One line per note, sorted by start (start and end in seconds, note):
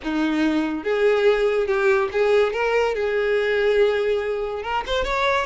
0.03 0.83 D#4
0.83 1.67 G#4
1.67 2.09 G4
2.12 2.53 G#4
2.53 2.94 A#4
2.94 4.62 G#4
4.62 4.83 A#4
4.86 5.04 C5
5.04 5.46 C#5